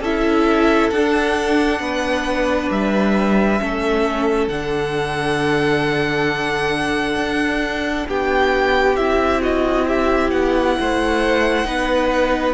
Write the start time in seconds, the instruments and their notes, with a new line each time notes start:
0.00 cello C#4, viola E4, violin A4 E5
0.90 cello D4, viola D4, violin F#5
1.80 cello B3, violin B4
2.70 cello G3, violin E5
3.60 cello A3, viola C#4, violin A4
4.48 cello D3, viola D4, violin F#5
7.15 cello D4
8.07 cello B3, violin G4 G5
8.96 cello C4, viola E4, violin E5
9.42 violin F#4 D#5
9.87 violin G4 E5
10.30 cello B3, violin F#5
10.80 cello A3, violin C5
11.65 cello B3, viola D#4, violin B4